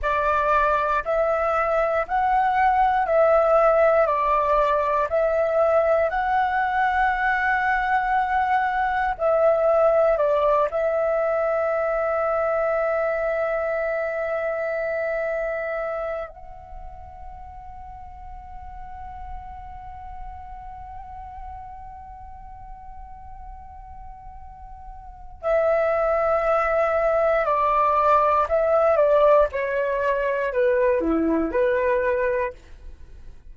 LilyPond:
\new Staff \with { instrumentName = "flute" } { \time 4/4 \tempo 4 = 59 d''4 e''4 fis''4 e''4 | d''4 e''4 fis''2~ | fis''4 e''4 d''8 e''4.~ | e''1 |
fis''1~ | fis''1~ | fis''4 e''2 d''4 | e''8 d''8 cis''4 b'8 e'8 b'4 | }